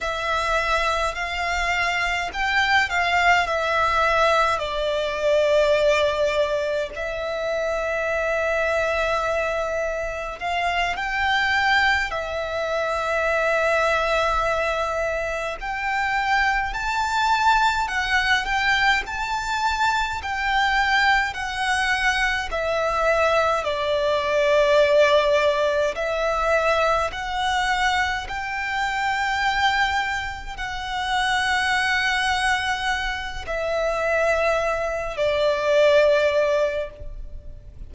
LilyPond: \new Staff \with { instrumentName = "violin" } { \time 4/4 \tempo 4 = 52 e''4 f''4 g''8 f''8 e''4 | d''2 e''2~ | e''4 f''8 g''4 e''4.~ | e''4. g''4 a''4 fis''8 |
g''8 a''4 g''4 fis''4 e''8~ | e''8 d''2 e''4 fis''8~ | fis''8 g''2 fis''4.~ | fis''4 e''4. d''4. | }